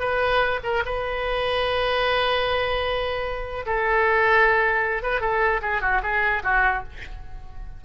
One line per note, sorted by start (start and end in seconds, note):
0.00 0.60 B4
0.63 0.83 A#4
0.85 3.65 B4
3.66 5.03 A4
5.03 5.21 B4
5.21 5.61 A4
5.62 5.81 G#4
5.81 6.01 F#4
6.03 6.43 G#4
6.44 6.84 F#4